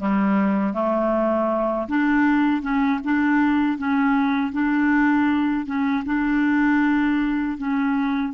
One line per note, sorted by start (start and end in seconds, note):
0.00 0.74 G3
0.74 1.87 A3
1.88 2.62 D4
2.62 3.00 C#4
3.04 3.78 D4
3.78 4.53 C#4
4.53 5.66 D4
5.66 6.04 C#4
6.06 7.58 D4
7.58 8.34 C#4